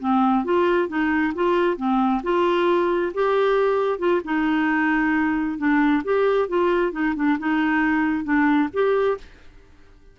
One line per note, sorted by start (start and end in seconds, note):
0.00 0.45 C4
0.45 0.89 F4
0.89 1.34 D#4
1.35 1.77 F4
1.77 2.22 C4
2.23 3.13 F4
3.14 4.00 G4
4.00 4.22 F4
4.25 5.59 D#4
5.59 6.03 D4
6.04 6.49 G4
6.49 6.92 F4
6.92 7.15 D#4
7.16 7.38 D4
7.39 8.24 D#4
8.24 8.69 D4
8.74 9.18 G4